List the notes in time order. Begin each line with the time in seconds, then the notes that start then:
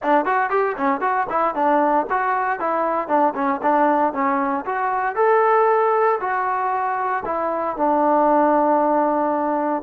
0.03 D4
0.25 F#4
0.50 G4
0.77 C#4
1.00 F#4
1.29 E4
1.54 D4
2.09 F#4
2.59 E4
3.08 D4
3.34 C#4
3.62 D4
4.13 C#4
4.65 F#4
5.15 A4
6.20 F#4
7.25 E4
7.77 D4